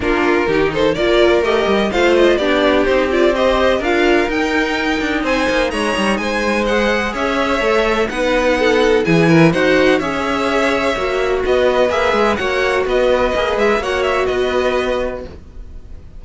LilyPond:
<<
  \new Staff \with { instrumentName = "violin" } { \time 4/4 \tempo 4 = 126 ais'4. c''8 d''4 dis''4 | f''8 dis''8 d''4 c''8 d''8 dis''4 | f''4 g''2 gis''4 | ais''4 gis''4 fis''4 e''4~ |
e''4 fis''2 gis''4 | fis''4 e''2. | dis''4 e''4 fis''4 dis''4~ | dis''8 e''8 fis''8 e''8 dis''2 | }
  \new Staff \with { instrumentName = "violin" } { \time 4/4 f'4 g'8 a'8 ais'2 | c''4 g'2 c''4 | ais'2. c''4 | cis''4 c''2 cis''4~ |
cis''4 b'4 a'4 gis'8 ais'8 | c''4 cis''2. | b'2 cis''4 b'4~ | b'4 cis''4 b'2 | }
  \new Staff \with { instrumentName = "viola" } { \time 4/4 d'4 dis'4 f'4 g'4 | f'4 d'4 dis'8 f'8 g'4 | f'4 dis'2.~ | dis'2 gis'2 |
a'4 dis'2 e'4 | fis'4 gis'2 fis'4~ | fis'4 gis'4 fis'2 | gis'4 fis'2. | }
  \new Staff \with { instrumentName = "cello" } { \time 4/4 ais4 dis4 ais4 a8 g8 | a4 b4 c'2 | d'4 dis'4. d'8 c'8 ais8 | gis8 g8 gis2 cis'4 |
a4 b2 e4 | dis'4 cis'2 ais4 | b4 ais8 gis8 ais4 b4 | ais8 gis8 ais4 b2 | }
>>